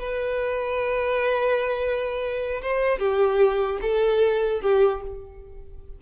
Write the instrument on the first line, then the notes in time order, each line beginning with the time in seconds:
violin
0.00 B4
2.62 C5
2.99 G4
3.82 A4
4.62 G4